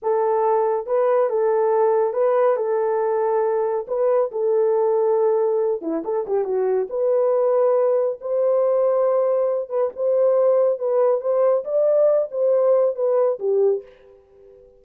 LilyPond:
\new Staff \with { instrumentName = "horn" } { \time 4/4 \tempo 4 = 139 a'2 b'4 a'4~ | a'4 b'4 a'2~ | a'4 b'4 a'2~ | a'4. e'8 a'8 g'8 fis'4 |
b'2. c''4~ | c''2~ c''8 b'8 c''4~ | c''4 b'4 c''4 d''4~ | d''8 c''4. b'4 g'4 | }